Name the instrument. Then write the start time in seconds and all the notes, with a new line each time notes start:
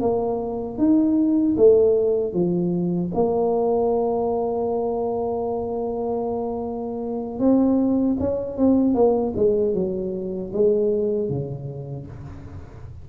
tuba
0.00 A#3
0.78 D#4
1.57 A3
2.33 F3
3.15 A#3
7.39 C4
8.19 C#4
8.57 C4
8.94 A#3
9.36 G#3
9.74 F#3
10.53 G#3
11.29 C#3